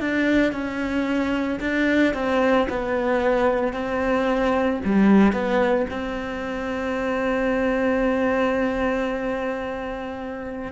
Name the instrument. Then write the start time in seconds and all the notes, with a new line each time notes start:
cello
0.00 D4
0.52 C#4
1.60 D4
2.14 C4
2.69 B3
3.74 C4
4.85 G3
5.33 B3
5.90 C4